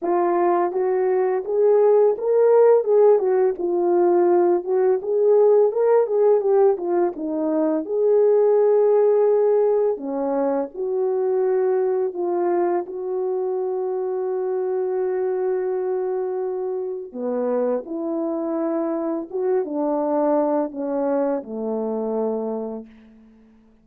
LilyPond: \new Staff \with { instrumentName = "horn" } { \time 4/4 \tempo 4 = 84 f'4 fis'4 gis'4 ais'4 | gis'8 fis'8 f'4. fis'8 gis'4 | ais'8 gis'8 g'8 f'8 dis'4 gis'4~ | gis'2 cis'4 fis'4~ |
fis'4 f'4 fis'2~ | fis'1 | b4 e'2 fis'8 d'8~ | d'4 cis'4 a2 | }